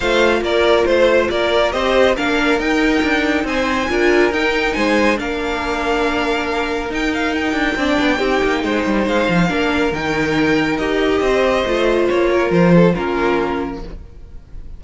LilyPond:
<<
  \new Staff \with { instrumentName = "violin" } { \time 4/4 \tempo 4 = 139 f''4 d''4 c''4 d''4 | dis''4 f''4 g''2 | gis''2 g''4 gis''4 | f''1 |
g''8 f''8 g''2.~ | g''4 f''2 g''4~ | g''4 dis''2. | cis''4 c''4 ais'2 | }
  \new Staff \with { instrumentName = "violin" } { \time 4/4 c''4 ais'4 c''4 ais'4 | c''4 ais'2. | c''4 ais'2 c''4 | ais'1~ |
ais'2 d''4 g'4 | c''2 ais'2~ | ais'2 c''2~ | c''8 ais'4 a'8 f'2 | }
  \new Staff \with { instrumentName = "viola" } { \time 4/4 f'1 | g'4 d'4 dis'2~ | dis'4 f'4 dis'2 | d'1 |
dis'2 d'4 dis'4~ | dis'2 d'4 dis'4~ | dis'4 g'2 f'4~ | f'2 cis'2 | }
  \new Staff \with { instrumentName = "cello" } { \time 4/4 a4 ais4 a4 ais4 | c'4 ais4 dis'4 d'4 | c'4 d'4 dis'4 gis4 | ais1 |
dis'4. d'8 c'8 b8 c'8 ais8 | gis8 g8 gis8 f8 ais4 dis4~ | dis4 dis'4 c'4 a4 | ais4 f4 ais2 | }
>>